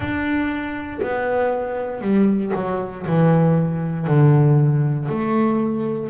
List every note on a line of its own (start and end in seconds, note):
0.00 0.99 D4
1.02 2.01 B3
2.01 2.51 G3
2.55 3.06 F#3
3.06 4.07 E3
4.07 5.08 D3
5.08 6.09 A3